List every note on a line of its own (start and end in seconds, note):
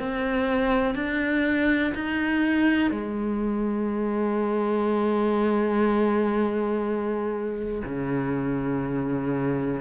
0.00 0.95 C4
0.95 1.94 D4
1.95 2.92 D#4
2.92 7.83 G#3
7.85 9.82 C#3